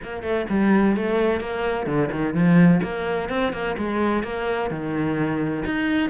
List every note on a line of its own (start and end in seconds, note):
0.03 0.22 A#3
0.22 0.46 A3
0.49 0.96 G3
0.96 1.40 A3
1.40 1.86 A#3
1.86 2.09 D3
2.11 2.34 D#3
2.34 2.80 F3
2.83 3.29 A#3
3.29 3.52 C4
3.52 3.76 A#3
3.77 4.23 G#3
4.23 4.70 A#3
4.70 5.64 D#3
5.65 6.09 D#4